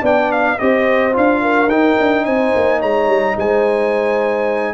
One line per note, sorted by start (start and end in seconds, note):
0.00 0.58 B3
0.00 0.59 D4
0.00 0.56 D5
0.00 0.32 G5
0.32 0.59 F5
0.58 1.16 C4
0.58 1.13 G4
0.58 1.41 C5
0.58 1.14 D#5
1.13 1.67 D4
1.13 1.69 F4
1.13 1.70 F5
1.41 2.24 A#4
1.67 1.95 D#4
1.67 4.74 D#4
1.67 2.25 G5
2.00 2.26 D4
2.25 2.54 C4
2.25 2.79 C5
2.25 2.81 G#5
2.55 2.83 A#3
2.79 3.07 G#3
2.79 3.34 C#5
2.79 3.37 A#5
3.07 3.35 G3
3.37 4.74 G#3
3.37 4.74 C5
3.37 4.74 G#5